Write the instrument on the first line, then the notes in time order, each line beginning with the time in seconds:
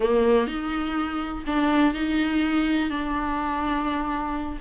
viola
0.00 A#3
0.47 D#4
1.46 D4
1.94 D#4
2.90 D4